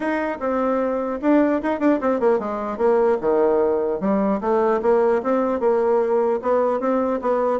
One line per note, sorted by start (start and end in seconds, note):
0.00 0.37 D#4
0.39 1.19 C4
1.21 1.61 D4
1.62 1.79 D#4
1.79 1.99 D4
2.01 2.20 C4
2.20 2.39 A#3
2.39 2.77 G#3
2.77 3.17 A#3
3.21 4.00 D#3
4.00 4.40 G3
4.40 4.80 A3
4.82 5.22 A#3
5.23 5.60 C4
5.60 6.40 A#3
6.41 6.79 B3
6.79 7.19 C4
7.21 7.59 B3